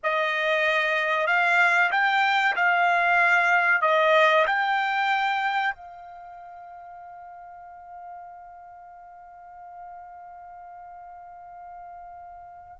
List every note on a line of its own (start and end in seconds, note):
0.03 1.26 D#5
1.26 1.90 F5
1.91 2.55 G5
2.56 3.82 F5
3.82 4.45 D#5
4.47 5.74 G5
5.74 12.76 F5